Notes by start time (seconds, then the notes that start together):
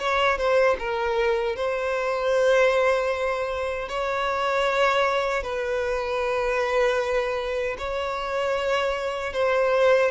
0.00 C#5
0.38 C5
0.79 A#4
1.56 C5
3.89 C#5
5.43 B4
7.79 C#5
9.34 C5